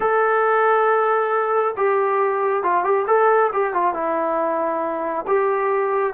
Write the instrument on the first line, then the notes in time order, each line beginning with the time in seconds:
trombone
0.00 A4
1.76 G4
2.63 F4
2.83 G4
3.07 A4
3.52 G4
3.73 F4
3.93 E4
5.27 G4